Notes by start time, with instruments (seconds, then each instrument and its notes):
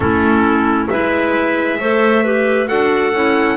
0.00 double bass A3, clarinet C#4 E4, trumpet A4
0.89 double bass G#3, clarinet E4 B4, trumpet E5
1.79 double bass A3, clarinet A4 C5
2.23 clarinet G4 B4
2.66 double bass D4, clarinet F#4 A4, trumpet F#5
3.13 double bass C#4, clarinet E4